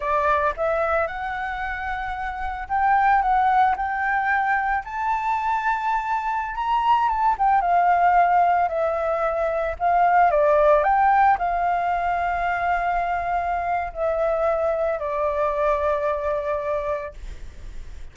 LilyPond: \new Staff \with { instrumentName = "flute" } { \time 4/4 \tempo 4 = 112 d''4 e''4 fis''2~ | fis''4 g''4 fis''4 g''4~ | g''4 a''2.~ | a''16 ais''4 a''8 g''8 f''4.~ f''16~ |
f''16 e''2 f''4 d''8.~ | d''16 g''4 f''2~ f''8.~ | f''2 e''2 | d''1 | }